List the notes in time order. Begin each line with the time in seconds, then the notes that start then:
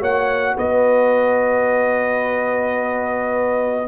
0.00 A#3 F#4 C#5 F#5
0.56 B3 B4 D#5